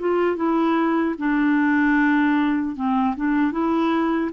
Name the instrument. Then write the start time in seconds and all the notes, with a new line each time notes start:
clarinet
0.00 F4
0.36 E4
1.18 D4
2.76 C4
3.17 D4
3.52 E4